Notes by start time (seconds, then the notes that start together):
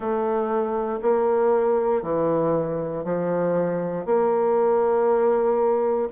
0.00 A3
1.02 A#3
2.02 E3
3.04 F3
4.05 A#3